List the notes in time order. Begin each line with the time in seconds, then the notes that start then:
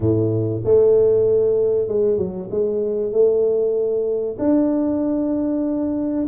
0.00 A2
0.64 A3
1.88 G#3
2.17 F#3
2.51 G#3
3.12 A3
4.39 D4